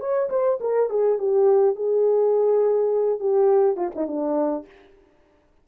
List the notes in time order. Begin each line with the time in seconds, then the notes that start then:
0.00 C#5
0.30 C5
0.61 A#4
0.89 G#4
1.18 G4
1.76 G#4
3.20 G4
3.77 F4
3.95 D#4
4.08 D4